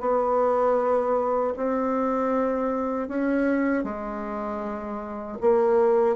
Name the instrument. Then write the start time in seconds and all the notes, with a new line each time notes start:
bassoon
0.00 B3
1.56 C4
3.08 C#4
3.84 G#3
5.41 A#3